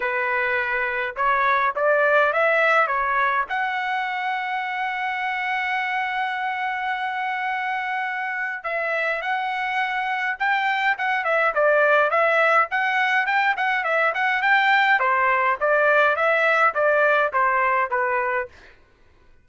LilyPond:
\new Staff \with { instrumentName = "trumpet" } { \time 4/4 \tempo 4 = 104 b'2 cis''4 d''4 | e''4 cis''4 fis''2~ | fis''1~ | fis''2. e''4 |
fis''2 g''4 fis''8 e''8 | d''4 e''4 fis''4 g''8 fis''8 | e''8 fis''8 g''4 c''4 d''4 | e''4 d''4 c''4 b'4 | }